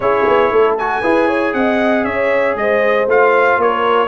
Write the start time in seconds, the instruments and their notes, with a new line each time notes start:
0.00 tuba C#4, trombone E4, horn G#4, trumpet C#5
0.27 tuba B3
0.51 tuba A3, horn A4
0.78 trombone F#4, trumpet G#5
1.01 tuba E4, trombone G#4, horn B4
1.27 horn C#5
1.53 tuba C4, horn D#5, trumpet F#5
2.04 tuba C#4, horn C#5, trumpet E5
2.55 tuba G#3, horn C5, trumpet D#5
3.07 tuba A3, trombone F4, trumpet F5
3.57 tuba A#3, horn A#4, trumpet C#5